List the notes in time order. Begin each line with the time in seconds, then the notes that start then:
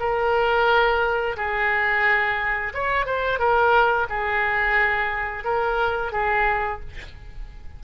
0.00 A#4
1.37 G#4
2.74 C#5
3.06 C5
3.39 A#4
4.09 G#4
5.44 A#4
6.12 G#4